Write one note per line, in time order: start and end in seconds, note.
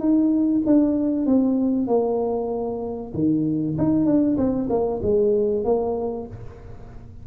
0.00 0.62 D#4
0.66 1.26 D4
1.26 1.88 C4
1.88 3.12 A#3
3.14 3.77 D#3
3.78 4.06 D#4
4.06 4.37 D4
4.38 4.69 C4
4.70 5.01 A#3
5.03 5.65 G#3
5.65 6.27 A#3